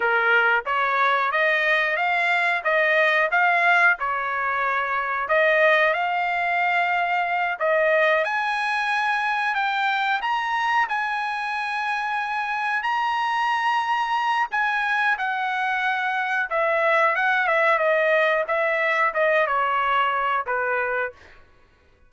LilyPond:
\new Staff \with { instrumentName = "trumpet" } { \time 4/4 \tempo 4 = 91 ais'4 cis''4 dis''4 f''4 | dis''4 f''4 cis''2 | dis''4 f''2~ f''8 dis''8~ | dis''8 gis''2 g''4 ais''8~ |
ais''8 gis''2. ais''8~ | ais''2 gis''4 fis''4~ | fis''4 e''4 fis''8 e''8 dis''4 | e''4 dis''8 cis''4. b'4 | }